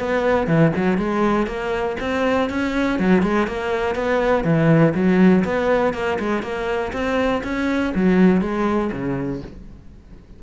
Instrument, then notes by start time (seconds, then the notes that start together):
cello
0.00 B3
0.48 E3
0.77 F#3
0.98 G#3
1.47 A#3
2.00 C4
2.50 C#4
3.00 F#3
3.23 G#3
3.48 A#3
3.96 B3
4.44 E3
4.95 F#3
5.45 B3
5.94 A#3
6.20 G#3
6.43 A#3
6.94 C4
7.44 C#4
7.95 F#3
8.42 G#3
8.93 C#3